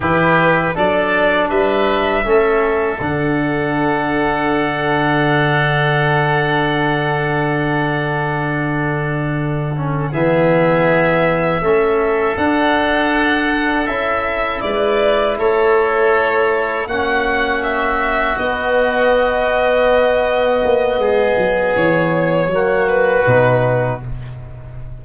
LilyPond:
<<
  \new Staff \with { instrumentName = "violin" } { \time 4/4 \tempo 4 = 80 b'4 d''4 e''2 | fis''1~ | fis''1~ | fis''4. e''2~ e''8~ |
e''8 fis''2 e''4 d''8~ | d''8 cis''2 fis''4 e''8~ | e''8 dis''2.~ dis''8~ | dis''4 cis''4. b'4. | }
  \new Staff \with { instrumentName = "oboe" } { \time 4/4 g'4 a'4 b'4 a'4~ | a'1~ | a'1~ | a'4. gis'2 a'8~ |
a'2.~ a'8 b'8~ | b'8 a'2 fis'4.~ | fis'1 | gis'2 fis'2 | }
  \new Staff \with { instrumentName = "trombone" } { \time 4/4 e'4 d'2 cis'4 | d'1~ | d'1~ | d'4 cis'8 b2 cis'8~ |
cis'8 d'2 e'4.~ | e'2~ e'8 cis'4.~ | cis'8 b2.~ b8~ | b2 ais4 dis'4 | }
  \new Staff \with { instrumentName = "tuba" } { \time 4/4 e4 fis4 g4 a4 | d1~ | d1~ | d4. e2 a8~ |
a8 d'2 cis'4 gis8~ | gis8 a2 ais4.~ | ais8 b2. ais8 | gis8 fis8 e4 fis4 b,4 | }
>>